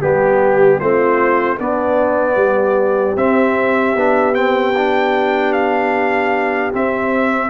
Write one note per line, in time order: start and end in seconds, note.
0.00 0.81 G3
0.00 0.81 B3
0.00 0.79 G4
0.00 0.80 G4
0.79 1.59 A3
0.79 1.59 C4
0.79 1.58 F4
0.79 1.59 C5
1.58 3.17 B3
1.58 2.36 B3
1.58 2.34 D4
1.58 3.17 D5
2.34 3.15 G3
2.34 7.47 G4
3.15 3.94 C4
3.15 3.97 C4
3.15 4.35 E5
3.96 6.72 B3
3.96 4.34 D4
4.34 4.73 C4
4.34 5.53 G5
4.77 6.72 D4
5.53 6.71 F5
6.72 7.50 C4
6.72 7.50 E5